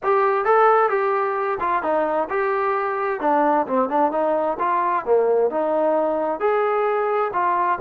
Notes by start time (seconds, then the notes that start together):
0.03 G4
0.45 A4
0.89 G4
1.59 F4
1.82 D#4
2.29 G4
3.20 D4
3.66 C4
3.89 D4
4.11 D#4
4.59 F4
5.05 A#3
5.50 D#4
6.40 G#4
7.33 F4